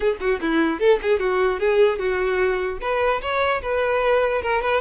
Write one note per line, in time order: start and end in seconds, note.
0.00 0.17 G#4
0.20 0.40 F#4
0.41 0.79 E4
0.79 0.99 A4
1.02 1.19 G#4
1.19 1.59 F#4
1.59 1.99 G#4
1.99 2.79 F#4
2.81 3.21 B4
3.21 3.61 C#5
3.62 4.41 B4
4.41 4.61 A#4
4.61 4.81 B4